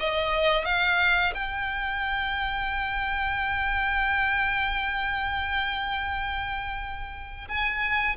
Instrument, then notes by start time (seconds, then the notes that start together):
violin
0.00 D#5
0.65 F5
1.34 G5
7.48 G#5